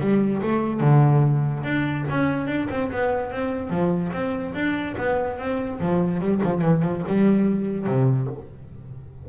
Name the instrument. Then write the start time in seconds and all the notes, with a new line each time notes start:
double bass
0.00 G3
0.42 A3
0.81 D3
1.63 D4
2.10 C#4
2.47 D4
2.70 C4
2.92 B3
3.32 C4
3.70 F3
4.12 C4
4.54 D4
4.98 B3
5.39 C4
5.80 F3
6.21 G3
6.43 F3
6.62 E3
6.82 F3
7.07 G3
7.86 C3